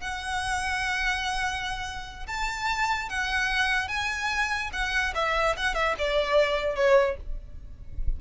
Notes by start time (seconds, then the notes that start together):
0.00 F#5
2.27 A5
3.09 F#5
3.88 G#5
4.72 F#5
5.14 E5
5.57 F#5
5.74 E5
5.98 D5
6.75 C#5